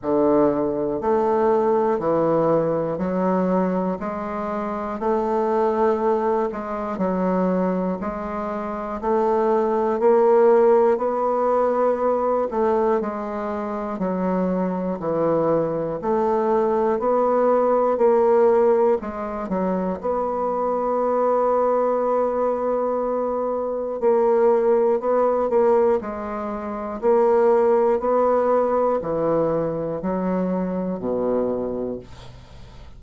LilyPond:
\new Staff \with { instrumentName = "bassoon" } { \time 4/4 \tempo 4 = 60 d4 a4 e4 fis4 | gis4 a4. gis8 fis4 | gis4 a4 ais4 b4~ | b8 a8 gis4 fis4 e4 |
a4 b4 ais4 gis8 fis8 | b1 | ais4 b8 ais8 gis4 ais4 | b4 e4 fis4 b,4 | }